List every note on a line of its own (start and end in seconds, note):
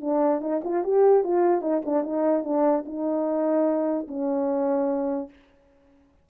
0.00 0.41 D4
0.41 0.61 D#4
0.64 0.83 F4
0.83 1.23 G4
1.23 1.61 F4
1.61 1.81 D#4
1.85 2.03 D4
2.03 2.43 D#4
2.43 2.84 D4
2.85 4.07 D#4
4.08 5.29 C#4